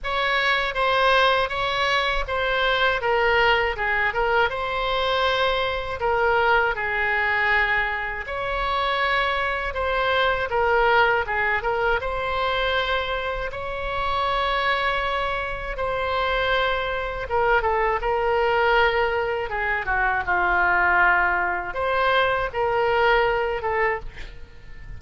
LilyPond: \new Staff \with { instrumentName = "oboe" } { \time 4/4 \tempo 4 = 80 cis''4 c''4 cis''4 c''4 | ais'4 gis'8 ais'8 c''2 | ais'4 gis'2 cis''4~ | cis''4 c''4 ais'4 gis'8 ais'8 |
c''2 cis''2~ | cis''4 c''2 ais'8 a'8 | ais'2 gis'8 fis'8 f'4~ | f'4 c''4 ais'4. a'8 | }